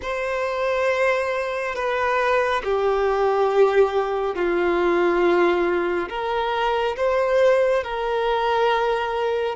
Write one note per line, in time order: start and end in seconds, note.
0.02 1.75 C5
1.75 2.62 B4
2.64 4.35 G4
4.35 6.09 F4
6.09 6.96 A#4
6.96 7.83 C5
7.83 9.55 A#4